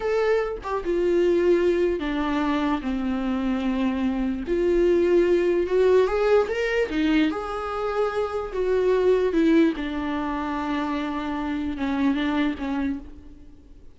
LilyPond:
\new Staff \with { instrumentName = "viola" } { \time 4/4 \tempo 4 = 148 a'4. g'8 f'2~ | f'4 d'2 c'4~ | c'2. f'4~ | f'2 fis'4 gis'4 |
ais'4 dis'4 gis'2~ | gis'4 fis'2 e'4 | d'1~ | d'4 cis'4 d'4 cis'4 | }